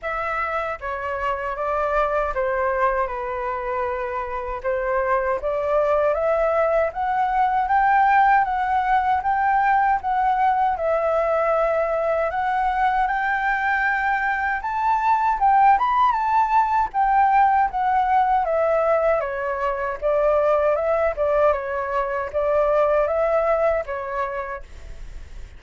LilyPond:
\new Staff \with { instrumentName = "flute" } { \time 4/4 \tempo 4 = 78 e''4 cis''4 d''4 c''4 | b'2 c''4 d''4 | e''4 fis''4 g''4 fis''4 | g''4 fis''4 e''2 |
fis''4 g''2 a''4 | g''8 b''8 a''4 g''4 fis''4 | e''4 cis''4 d''4 e''8 d''8 | cis''4 d''4 e''4 cis''4 | }